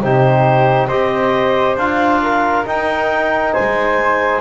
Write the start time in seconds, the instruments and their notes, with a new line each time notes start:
0.00 double bass C3, trombone D#4, flute G4, clarinet C5
0.87 double bass C4, trombone G4, flute C5, clarinet D#5
1.76 double bass D4, trombone F4, clarinet F5
2.22 flute A#4
2.65 trombone D#4, double bass D#4, clarinet G5
3.52 flute C5, clarinet G#5
3.59 double bass G#3